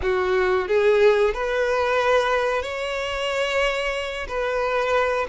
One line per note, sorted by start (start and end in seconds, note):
0.02 0.67 F#4
0.68 1.34 G#4
1.34 2.62 B4
2.62 4.27 C#5
4.28 5.27 B4